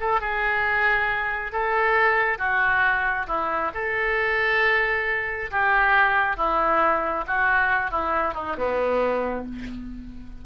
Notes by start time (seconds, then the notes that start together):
0.00 A4
0.20 G#4
1.52 A4
2.38 F#4
3.27 E4
3.74 A4
5.51 G4
6.36 E4
7.27 F#4
7.91 E4
8.34 D#4
8.57 B3